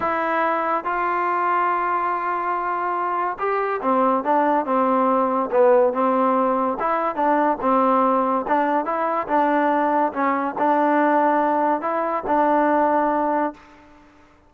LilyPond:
\new Staff \with { instrumentName = "trombone" } { \time 4/4 \tempo 4 = 142 e'2 f'2~ | f'1 | g'4 c'4 d'4 c'4~ | c'4 b4 c'2 |
e'4 d'4 c'2 | d'4 e'4 d'2 | cis'4 d'2. | e'4 d'2. | }